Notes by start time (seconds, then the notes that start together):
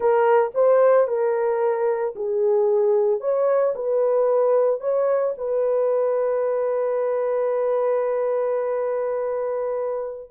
0.00 A#4
0.54 C5
1.07 A#4
2.15 G#4
3.20 C#5
3.75 B4
4.80 C#5
5.37 B4